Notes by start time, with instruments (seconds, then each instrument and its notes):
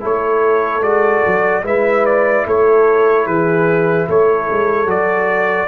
0.00 tuba A3, trombone E4, horn A4, trumpet C#5
0.81 tuba G#3, trombone F#4, trumpet D5
1.26 tuba F#3
1.62 tuba G#3, trombone E4, horn B4, trumpet E5
2.05 trumpet D5
2.46 tuba A3, horn A4, trumpet C#5
3.26 tuba E3, horn G#4, trumpet B4
4.08 tuba A3, horn A4, trumpet C#5
4.50 tuba G#3
4.85 tuba F#3, trombone F#4, trumpet D5